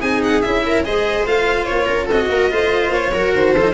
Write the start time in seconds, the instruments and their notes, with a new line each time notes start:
0.00 tuba C4, cello D#4, viola G#4, violin G#5
0.24 violin F#5
0.42 tuba C#4, cello E4, violin E5
0.66 viola A#4
0.85 tuba G#3, cello G#4, viola C5, violin D#5
1.26 tuba A3, cello F4, violin F5
1.65 tuba A#3, violin C#5
1.86 tuba C#4, viola A#4
2.06 viola A4, violin D#5
2.12 tuba C4, cello F#4
2.29 tuba A#3, viola A#4
2.51 tuba A3, cello F4, viola C5
2.90 tuba A#3, violin C#5
3.12 tuba F#3, cello F#4, viola A#4
3.35 tuba D#3, violin C5
3.54 tuba F3, cello F4, viola A4
3.63 cello D#4